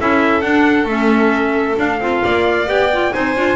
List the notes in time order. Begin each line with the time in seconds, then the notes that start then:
0.00 C#4 E4 A4 E5
0.42 D4 F#5
0.85 A3 C#4 E5
1.77 D4 F5
2.00 C4 F4
2.23 A#3 D5
2.67 B3 G4 G5
2.93 F4
3.12 C4 D#4 C5 G#5
3.36 D4 F4